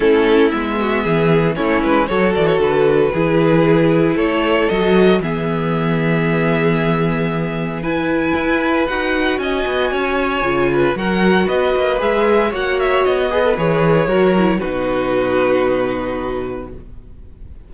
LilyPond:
<<
  \new Staff \with { instrumentName = "violin" } { \time 4/4 \tempo 4 = 115 a'4 e''2 cis''8 b'8 | cis''8 d''16 cis''16 b'2. | cis''4 dis''4 e''2~ | e''2. gis''4~ |
gis''4 fis''4 gis''2~ | gis''4 fis''4 dis''4 e''4 | fis''8 e''8 dis''4 cis''2 | b'1 | }
  \new Staff \with { instrumentName = "violin" } { \time 4/4 e'4. fis'8 gis'4 e'4 | a'2 gis'2 | a'2 gis'2~ | gis'2. b'4~ |
b'2 dis''4 cis''4~ | cis''8 b'8 ais'4 b'2 | cis''4. b'4. ais'4 | fis'1 | }
  \new Staff \with { instrumentName = "viola" } { \time 4/4 cis'4 b2 cis'4 | fis'2 e'2~ | e'4 fis'4 b2~ | b2. e'4~ |
e'4 fis'2. | f'4 fis'2 gis'4 | fis'4. gis'16 a'16 gis'4 fis'8 e'8 | dis'1 | }
  \new Staff \with { instrumentName = "cello" } { \time 4/4 a4 gis4 e4 a8 gis8 | fis8 e8 d4 e2 | a4 fis4 e2~ | e1 |
e'4 dis'4 cis'8 b8 cis'4 | cis4 fis4 b8 ais8 gis4 | ais4 b4 e4 fis4 | b,1 | }
>>